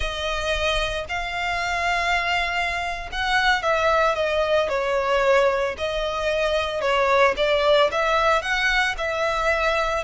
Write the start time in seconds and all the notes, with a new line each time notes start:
0.00 D#5
1.08 F5
3.12 F#5
3.62 E5
4.15 D#5
4.68 C#5
5.77 D#5
6.81 C#5
7.37 D5
7.91 E5
8.41 F#5
8.97 E5